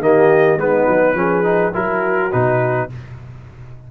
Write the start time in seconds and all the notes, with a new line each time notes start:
0.00 D#3 A#3 G4 D#5
0.57 G#3 B3 D#4 B4
0.89 F#3
1.14 F3 C#4 G#4
1.44 D#4
1.74 F#3 E4 F#4 A#4
2.32 B2 D#4 B4